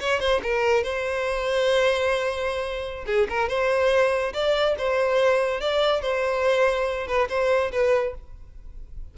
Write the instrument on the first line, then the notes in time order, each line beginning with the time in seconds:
violin
0.00 C#5
0.20 C5
0.43 A#4
0.83 C5
3.06 G#4
3.30 A#4
3.49 C5
4.33 D5
4.78 C5
5.61 D5
6.02 C5
7.07 B4
7.29 C5
7.72 B4